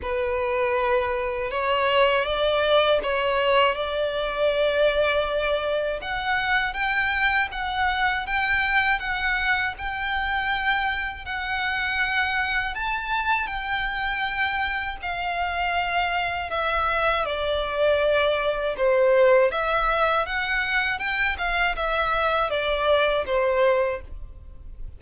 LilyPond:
\new Staff \with { instrumentName = "violin" } { \time 4/4 \tempo 4 = 80 b'2 cis''4 d''4 | cis''4 d''2. | fis''4 g''4 fis''4 g''4 | fis''4 g''2 fis''4~ |
fis''4 a''4 g''2 | f''2 e''4 d''4~ | d''4 c''4 e''4 fis''4 | g''8 f''8 e''4 d''4 c''4 | }